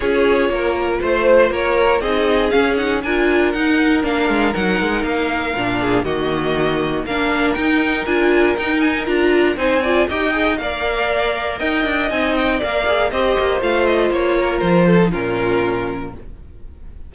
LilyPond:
<<
  \new Staff \with { instrumentName = "violin" } { \time 4/4 \tempo 4 = 119 cis''2 c''4 cis''4 | dis''4 f''8 fis''8 gis''4 fis''4 | f''4 fis''4 f''2 | dis''2 f''4 g''4 |
gis''4 g''8 gis''8 ais''4 gis''4 | g''4 f''2 g''4 | gis''8 g''8 f''4 dis''4 f''8 dis''8 | cis''4 c''4 ais'2 | }
  \new Staff \with { instrumentName = "violin" } { \time 4/4 gis'4 ais'4 c''4 ais'4 | gis'2 ais'2~ | ais'2.~ ais'8 gis'8 | fis'2 ais'2~ |
ais'2. c''8 d''8 | dis''4 d''2 dis''4~ | dis''4 d''4 c''2~ | c''8 ais'4 a'8 f'2 | }
  \new Staff \with { instrumentName = "viola" } { \time 4/4 f'1 | dis'4 cis'8 dis'8 f'4 dis'4 | d'4 dis'2 d'4 | ais2 d'4 dis'4 |
f'4 dis'4 f'4 dis'8 f'8 | g'8 gis'8 ais'2. | dis'4 ais'8 gis'8 g'4 f'4~ | f'4.~ f'16 dis'16 cis'2 | }
  \new Staff \with { instrumentName = "cello" } { \time 4/4 cis'4 ais4 a4 ais4 | c'4 cis'4 d'4 dis'4 | ais8 gis8 fis8 gis8 ais4 ais,4 | dis2 ais4 dis'4 |
d'4 dis'4 d'4 c'4 | dis'4 ais2 dis'8 d'8 | c'4 ais4 c'8 ais8 a4 | ais4 f4 ais,2 | }
>>